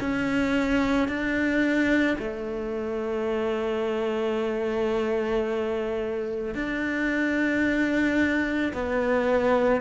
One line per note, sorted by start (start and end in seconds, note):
0.00 1.08 C#4
1.08 2.17 D4
2.18 6.54 A3
6.54 8.72 D4
8.73 9.81 B3